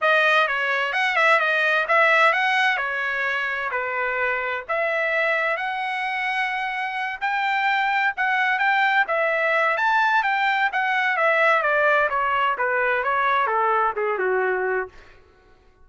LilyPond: \new Staff \with { instrumentName = "trumpet" } { \time 4/4 \tempo 4 = 129 dis''4 cis''4 fis''8 e''8 dis''4 | e''4 fis''4 cis''2 | b'2 e''2 | fis''2.~ fis''8 g''8~ |
g''4. fis''4 g''4 e''8~ | e''4 a''4 g''4 fis''4 | e''4 d''4 cis''4 b'4 | cis''4 a'4 gis'8 fis'4. | }